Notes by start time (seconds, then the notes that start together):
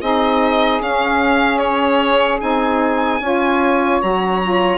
0.00 C4 D#4 G#4 D#5
0.81 C#4 F5
1.58 C#5
2.40 C4 D#4 G#5
3.20 C#4 F4 C#5
4.02 F#3 F#4 A#5
4.42 F4